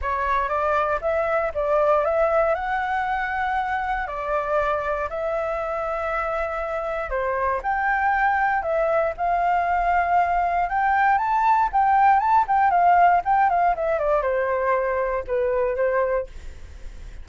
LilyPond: \new Staff \with { instrumentName = "flute" } { \time 4/4 \tempo 4 = 118 cis''4 d''4 e''4 d''4 | e''4 fis''2. | d''2 e''2~ | e''2 c''4 g''4~ |
g''4 e''4 f''2~ | f''4 g''4 a''4 g''4 | a''8 g''8 f''4 g''8 f''8 e''8 d''8 | c''2 b'4 c''4 | }